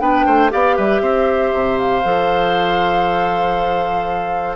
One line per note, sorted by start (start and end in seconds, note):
0.00 0.26 B3
0.00 0.50 D4
0.00 0.26 B4
0.00 0.51 G5
0.26 0.52 A3
0.26 0.52 C5
0.50 0.78 B3
0.50 2.03 G4
0.50 0.76 D5
0.50 0.77 F5
0.76 1.02 G3
0.76 1.02 B4
0.76 1.79 E5
1.02 1.52 C4
1.02 4.56 C5
1.53 2.04 C3
1.79 4.56 F5
2.05 4.56 F3
2.05 4.56 A4